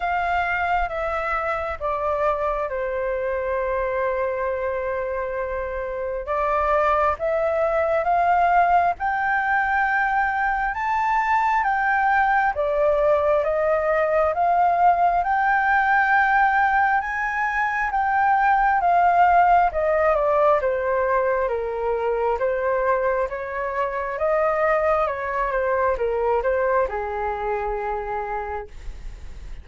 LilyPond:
\new Staff \with { instrumentName = "flute" } { \time 4/4 \tempo 4 = 67 f''4 e''4 d''4 c''4~ | c''2. d''4 | e''4 f''4 g''2 | a''4 g''4 d''4 dis''4 |
f''4 g''2 gis''4 | g''4 f''4 dis''8 d''8 c''4 | ais'4 c''4 cis''4 dis''4 | cis''8 c''8 ais'8 c''8 gis'2 | }